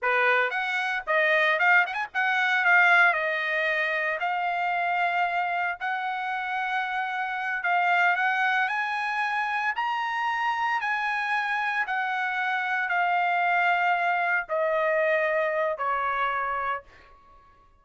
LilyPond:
\new Staff \with { instrumentName = "trumpet" } { \time 4/4 \tempo 4 = 114 b'4 fis''4 dis''4 f''8 fis''16 gis''16 | fis''4 f''4 dis''2 | f''2. fis''4~ | fis''2~ fis''8 f''4 fis''8~ |
fis''8 gis''2 ais''4.~ | ais''8 gis''2 fis''4.~ | fis''8 f''2. dis''8~ | dis''2 cis''2 | }